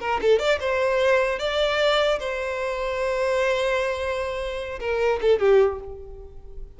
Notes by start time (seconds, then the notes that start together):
0.00 A#4
0.21 A4
0.39 D5
0.60 C5
1.39 D5
2.19 C5
4.80 A#4
5.21 A4
5.39 G4